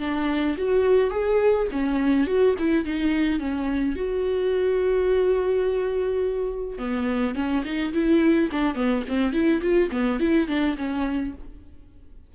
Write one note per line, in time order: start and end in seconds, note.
0.00 0.57 D4
0.58 1.11 F#4
1.11 1.68 G#4
1.72 2.27 C#4
2.27 2.55 F#4
2.59 2.86 E4
2.86 3.40 D#4
3.40 3.96 C#4
3.96 6.79 F#4
6.79 7.35 B3
7.35 7.64 C#4
7.65 7.93 D#4
7.93 8.50 E4
8.52 8.76 D4
8.76 9.04 B3
9.09 9.33 C4
9.33 9.61 E4
9.62 9.90 F4
9.92 10.20 B3
10.20 10.48 E4
10.48 10.76 D4
10.78 11.34 C#4